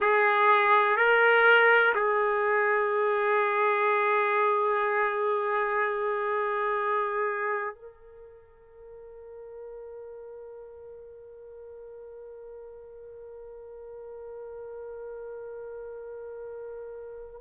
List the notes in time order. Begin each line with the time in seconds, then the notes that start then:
0.00 G#4
0.97 A#4
1.94 G#4
7.74 A#4